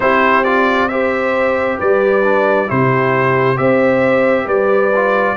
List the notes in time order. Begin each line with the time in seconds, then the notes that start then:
0.00 C4 E4 G4 C5
0.44 F4 D5
0.88 G4 C5 E5
1.78 G3 B4 D5
2.22 D4
2.67 C3 E4 G4 C5
3.56 C4 G4 C5 E5
4.44 G3 B4 D5
4.95 F4